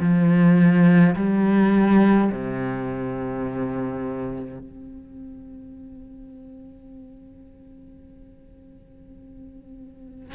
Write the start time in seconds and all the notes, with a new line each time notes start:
0.00 F3
1.15 G3
2.32 C3
4.59 C4